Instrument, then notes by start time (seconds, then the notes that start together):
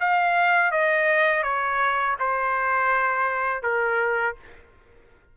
trumpet
0.00 F5
0.71 D#5
1.43 C#5
2.19 C5
3.62 A#4